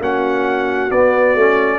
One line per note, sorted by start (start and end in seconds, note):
0.00 0.90 A#3
0.00 0.90 C#4
0.00 1.79 F#4
0.00 0.91 F#5
0.91 1.35 B3
0.91 1.38 B3
0.91 1.79 D5
1.35 1.79 A3
1.35 1.79 C#4